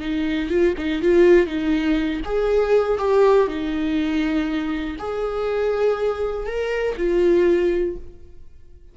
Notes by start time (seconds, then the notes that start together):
0.00 D#4
0.50 F4
0.78 D#4
1.02 F4
1.47 D#4
2.25 G#4
2.98 G4
3.48 D#4
4.99 G#4
6.46 A#4
6.97 F4